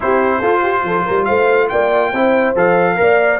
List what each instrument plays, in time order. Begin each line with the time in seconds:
0.00 tuba C4, trombone E4, horn G4, trumpet C5
0.39 tuba F4, trombone F4, horn A4
0.62 horn G4
0.83 tuba F3, horn A4
1.05 tuba G3, horn A#4
1.25 tuba A3, horn C5, trumpet F5
1.68 tuba A#3, horn D5, trumpet G5
2.10 tuba C4, trombone E4, horn C5
2.55 tuba F3, trombone A4, trumpet F5
2.96 tuba A#3, trombone A#4, horn D5